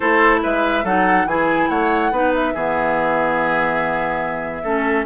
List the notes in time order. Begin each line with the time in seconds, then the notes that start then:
0.00 A3 E4 A4 C5
0.42 G#3 B4 E5
0.84 F#3 D#4 A4 F#5
1.25 E3 E4 G#4 G#5
1.69 A3 C#5 F#5
2.11 B3 D#4 B4
2.34 E5
2.54 E3 B3 G#4
4.63 A3 C#4 A4